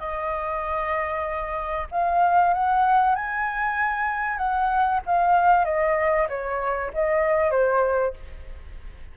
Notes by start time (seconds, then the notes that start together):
0.00 D#5
1.91 F5
2.54 F#5
3.16 G#5
4.38 F#5
5.06 F5
5.65 D#5
6.29 C#5
6.94 D#5
7.51 C5